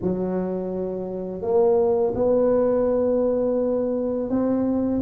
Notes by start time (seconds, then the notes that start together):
0.01 F#3
1.41 A#3
2.15 B3
4.29 C4